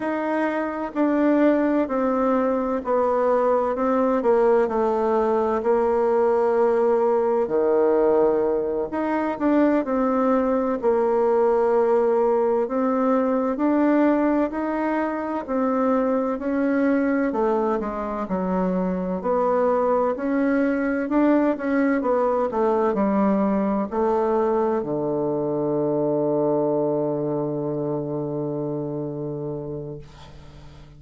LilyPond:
\new Staff \with { instrumentName = "bassoon" } { \time 4/4 \tempo 4 = 64 dis'4 d'4 c'4 b4 | c'8 ais8 a4 ais2 | dis4. dis'8 d'8 c'4 ais8~ | ais4. c'4 d'4 dis'8~ |
dis'8 c'4 cis'4 a8 gis8 fis8~ | fis8 b4 cis'4 d'8 cis'8 b8 | a8 g4 a4 d4.~ | d1 | }